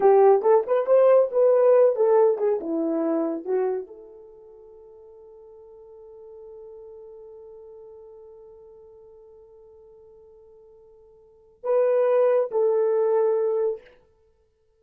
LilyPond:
\new Staff \with { instrumentName = "horn" } { \time 4/4 \tempo 4 = 139 g'4 a'8 b'8 c''4 b'4~ | b'8 a'4 gis'8 e'2 | fis'4 a'2.~ | a'1~ |
a'1~ | a'1~ | a'2. b'4~ | b'4 a'2. | }